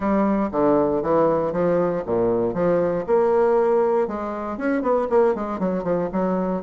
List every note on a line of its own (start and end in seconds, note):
0.00 0.49 G3
0.51 1.02 D3
1.02 1.52 E3
1.52 2.03 F3
2.06 2.54 A#2
2.54 3.04 F3
3.06 4.07 A#3
4.07 4.57 G#3
4.57 4.82 C#4
4.82 5.07 B3
5.09 5.34 A#3
5.34 5.59 G#3
5.59 5.83 F#3
5.83 6.09 F3
6.12 6.62 F#3